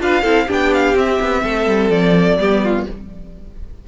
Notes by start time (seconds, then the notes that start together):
0.00 D4 F4 B4 F5
0.22 C4 E4 A4
0.47 B3 D4 G4 G5
0.74 F5
0.95 C4 E5
1.21 B3
1.44 A3 A4
1.67 G3
1.91 F3 D5
2.39 G3 B3 G4
2.64 F4